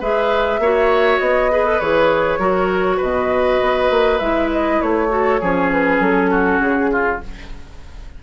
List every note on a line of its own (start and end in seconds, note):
0.00 0.59 G#3
0.00 0.61 G#4
0.00 0.60 B4
0.00 1.20 E5
0.59 1.19 A#3
0.59 1.51 F#4
0.59 1.52 C#5
1.20 1.80 B3
1.20 1.80 D#5
1.51 1.65 G#4
1.51 2.39 B4
1.65 1.80 A4
1.80 2.38 E3
1.80 2.39 G#4
1.80 3.00 C#5
2.38 2.98 F#3
2.38 4.19 F#4
2.38 2.96 A#4
2.96 3.61 B2
2.96 5.07 B4
2.96 4.19 D#5
3.61 3.90 B3
3.90 4.20 A#3
4.19 4.80 G#3
4.19 5.08 E4
4.19 4.49 E5
4.52 4.81 D#5
4.81 5.41 A3
4.81 5.71 C#5
5.08 5.38 F#4
5.08 5.40 A4
5.40 5.99 F3
5.40 7.23 C#4
5.40 6.30 G#4
5.72 6.01 B4
5.99 6.59 F#3
5.99 6.60 A4
6.30 6.90 F#4
6.59 7.19 C#3
6.59 7.20 G#4
6.91 7.21 F4